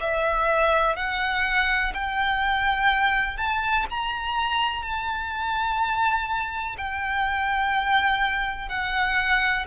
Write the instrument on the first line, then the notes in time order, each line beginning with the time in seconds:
violin
0.00 E5
0.96 F#5
1.94 G5
3.37 A5
3.90 A#5
4.82 A5
6.77 G5
8.69 F#5